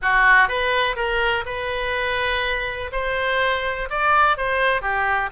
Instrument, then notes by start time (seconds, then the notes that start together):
oboe
0.01 F#4
0.48 B4
0.96 A#4
1.45 B4
2.92 C5
3.90 D5
4.37 C5
4.81 G4